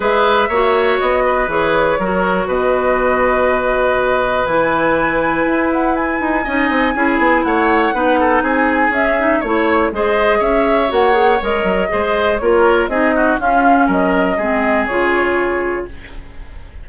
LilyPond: <<
  \new Staff \with { instrumentName = "flute" } { \time 4/4 \tempo 4 = 121 e''2 dis''4 cis''4~ | cis''4 dis''2.~ | dis''4 gis''2~ gis''8 fis''8 | gis''2. fis''4~ |
fis''4 gis''4 e''4 cis''4 | dis''4 e''4 fis''4 dis''4~ | dis''4 cis''4 dis''4 f''4 | dis''2 cis''2 | }
  \new Staff \with { instrumentName = "oboe" } { \time 4/4 b'4 cis''4. b'4. | ais'4 b'2.~ | b'1~ | b'4 dis''4 gis'4 cis''4 |
b'8 a'8 gis'2 cis''4 | c''4 cis''2. | c''4 ais'4 gis'8 fis'8 f'4 | ais'4 gis'2. | }
  \new Staff \with { instrumentName = "clarinet" } { \time 4/4 gis'4 fis'2 gis'4 | fis'1~ | fis'4 e'2.~ | e'4 dis'4 e'2 |
dis'2 cis'8 dis'8 e'4 | gis'2 fis'8 gis'8 ais'4 | gis'4 f'4 dis'4 cis'4~ | cis'4 c'4 f'2 | }
  \new Staff \with { instrumentName = "bassoon" } { \time 4/4 gis4 ais4 b4 e4 | fis4 b,2.~ | b,4 e2 e'4~ | e'8 dis'8 cis'8 c'8 cis'8 b8 a4 |
b4 c'4 cis'4 a4 | gis4 cis'4 ais4 gis8 fis8 | gis4 ais4 c'4 cis'4 | fis4 gis4 cis2 | }
>>